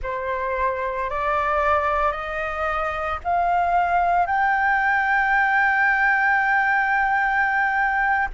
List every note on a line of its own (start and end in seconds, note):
0.02 1.10 C5
1.10 2.12 D5
2.12 3.19 D#5
3.23 4.26 F5
4.26 8.28 G5